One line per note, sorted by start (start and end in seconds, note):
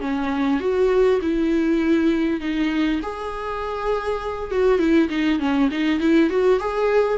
0.00 0.59 C#4
0.59 1.19 F#4
1.21 2.40 E4
2.40 3.00 D#4
3.02 4.51 G#4
4.51 4.78 F#4
4.78 5.08 E4
5.09 5.39 D#4
5.39 5.69 C#4
5.71 6.00 D#4
6.00 6.30 E4
6.30 6.59 F#4
6.59 7.18 G#4